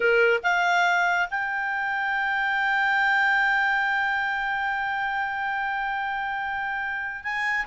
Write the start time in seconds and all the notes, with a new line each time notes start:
0.00 A#4
0.43 F5
1.30 G5
7.23 G#5